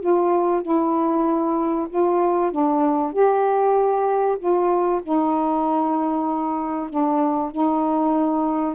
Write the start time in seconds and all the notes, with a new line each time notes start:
0.00 F4
0.62 E4
1.89 F4
2.51 D4
3.12 G4
4.38 F4
5.03 D#4
6.90 D4
7.51 D#4